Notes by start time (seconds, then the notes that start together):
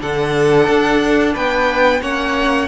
0.00 D3 D4 A4 F#5
0.69 D4
1.34 B3 B4 G5
2.02 A#3 C#4 C#5 F#5